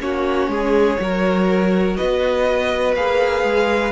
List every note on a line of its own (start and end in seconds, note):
0.00 0.47 A#3
0.00 0.98 C#4
0.00 0.51 F#4
0.00 1.96 C#5
0.47 0.96 G#3
0.47 1.00 G#4
0.99 1.97 F#3
0.99 2.96 F#4
0.99 1.97 A#4
1.96 2.95 B3
1.96 3.91 B4
1.96 2.94 D#5
2.95 3.43 A#3
2.95 3.91 G#4
2.95 3.91 F5
3.43 3.91 G#3